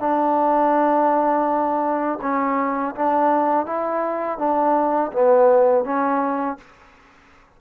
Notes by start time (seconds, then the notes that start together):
0.00 D4
2.22 C#4
2.96 D4
3.66 E4
4.39 D4
5.13 B3
5.85 C#4